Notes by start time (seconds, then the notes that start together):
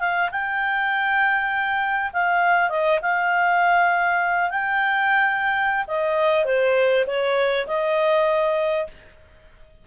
0.00 F5
0.32 G5
2.14 F5
2.70 D#5
3.02 F5
4.51 G5
5.88 D#5
6.46 C5
7.07 C#5
7.67 D#5